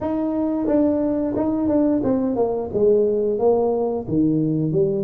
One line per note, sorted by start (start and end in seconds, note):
0.00 0.66 D#4
0.66 1.34 D4
1.35 1.68 D#4
1.68 2.01 D4
2.03 2.36 C4
2.36 2.69 A#3
2.73 3.38 G#3
3.38 4.06 A#3
4.08 4.72 D#3
4.72 5.04 G3